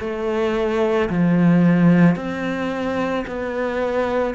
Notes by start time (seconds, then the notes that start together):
0.00 A3
1.10 F3
2.16 C4
3.27 B3